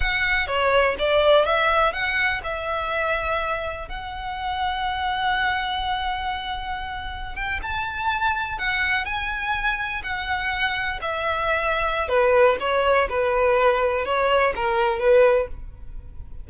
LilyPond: \new Staff \with { instrumentName = "violin" } { \time 4/4 \tempo 4 = 124 fis''4 cis''4 d''4 e''4 | fis''4 e''2. | fis''1~ | fis''2.~ fis''16 g''8 a''16~ |
a''4.~ a''16 fis''4 gis''4~ gis''16~ | gis''8. fis''2 e''4~ e''16~ | e''4 b'4 cis''4 b'4~ | b'4 cis''4 ais'4 b'4 | }